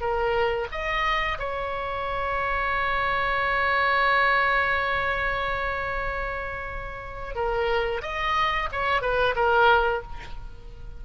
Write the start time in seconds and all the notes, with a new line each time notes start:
0.00 A#4
0.71 D#5
1.38 C#5
7.35 A#4
8.02 D#5
8.72 C#5
9.01 B4
9.35 A#4